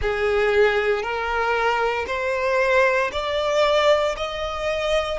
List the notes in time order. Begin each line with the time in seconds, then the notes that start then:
0.01 G#4
1.02 A#4
2.07 C5
3.12 D5
4.17 D#5